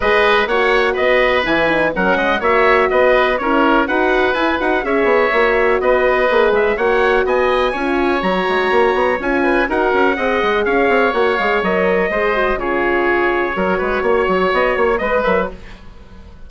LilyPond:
<<
  \new Staff \with { instrumentName = "trumpet" } { \time 4/4 \tempo 4 = 124 dis''4 fis''4 dis''4 gis''4 | fis''4 e''4 dis''4 cis''4 | fis''4 gis''8 fis''8 e''2 | dis''4. e''8 fis''4 gis''4~ |
gis''4 ais''2 gis''4 | fis''2 f''4 fis''8 f''8 | dis''2 cis''2~ | cis''2 dis''8 cis''8 dis''8 e''8 | }
  \new Staff \with { instrumentName = "oboe" } { \time 4/4 b'4 cis''4 b'2 | ais'8 dis''8 cis''4 b'4 ais'4 | b'2 cis''2 | b'2 cis''4 dis''4 |
cis''2.~ cis''8 b'8 | ais'4 dis''4 cis''2~ | cis''4 c''4 gis'2 | ais'8 b'8 cis''2 b'4 | }
  \new Staff \with { instrumentName = "horn" } { \time 4/4 gis'4 fis'2 e'8 dis'8 | cis'4 fis'2 e'4 | fis'4 e'8 fis'8 gis'4 fis'4~ | fis'4 gis'4 fis'2 |
f'4 fis'2 f'4 | fis'4 gis'2 fis'8 gis'8 | ais'4 gis'8 fis'8 f'2 | fis'2. b'8 ais'8 | }
  \new Staff \with { instrumentName = "bassoon" } { \time 4/4 gis4 ais4 b4 e4 | fis8 gis8 ais4 b4 cis'4 | dis'4 e'8 dis'8 cis'8 b8 ais4 | b4 ais8 gis8 ais4 b4 |
cis'4 fis8 gis8 ais8 b8 cis'4 | dis'8 cis'8 c'8 gis8 cis'8 c'8 ais8 gis8 | fis4 gis4 cis2 | fis8 gis8 ais8 fis8 b8 ais8 gis8 fis8 | }
>>